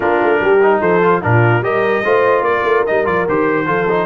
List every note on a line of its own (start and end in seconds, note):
0.00 0.20 A#3
0.00 0.59 D4
0.00 0.41 F4
0.00 0.81 A#4
0.22 0.39 A3
0.39 0.80 G3
0.39 0.80 G4
0.62 1.02 D#4
0.80 1.22 F3
0.80 1.21 A4
0.80 1.22 C5
1.02 1.21 F4
1.21 1.60 A#2
1.21 1.62 D4
1.21 1.63 F4
1.21 1.63 A#4
1.60 2.01 G3
1.60 2.03 G4
1.60 2.04 A#4
1.60 2.43 D#5
2.03 2.41 A3
2.03 2.86 F4
2.03 2.45 C5
2.41 2.61 A#3
2.41 3.66 A#4
2.41 2.84 D5
2.63 2.83 A3
2.86 3.06 G3
2.86 3.05 D#4
2.86 3.06 D#5
3.05 3.26 F3
3.05 3.25 F4
3.05 3.26 D5
3.28 3.67 D#3
3.28 3.66 G4
3.28 4.06 C5
3.66 4.06 F3
3.66 3.86 F4
3.66 4.06 A4
3.88 4.06 D#4